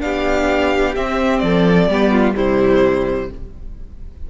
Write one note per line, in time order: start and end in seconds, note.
0.00 0.96 B3
0.00 0.94 D4
0.00 1.43 G4
0.00 0.95 F5
0.95 1.89 C4
0.95 1.42 C4
0.95 1.39 E5
1.39 1.87 F3
1.39 1.90 A4
1.39 2.32 D5
1.87 2.34 G3
1.87 2.35 B3
1.87 2.11 G4
2.11 2.35 F4
2.35 3.30 C3
2.35 3.28 G3
2.35 3.29 E4
2.35 3.30 C5